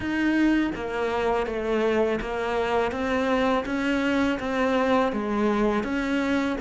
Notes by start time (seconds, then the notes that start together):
0.00 D#4
0.75 A#3
1.46 A3
2.20 A#3
2.91 C4
3.65 C#4
4.39 C4
5.12 G#3
5.83 C#4